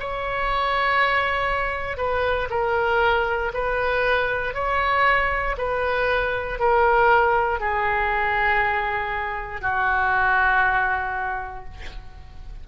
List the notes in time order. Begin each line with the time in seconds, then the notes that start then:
0.00 C#5
1.98 B4
2.51 A#4
3.54 B4
4.55 C#5
5.58 B4
6.60 A#4
7.60 G#4
9.61 F#4